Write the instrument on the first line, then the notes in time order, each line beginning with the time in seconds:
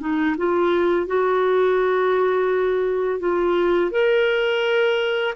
clarinet
0.00 D#4
0.37 F4
1.06 F#4
3.19 F4
3.91 A#4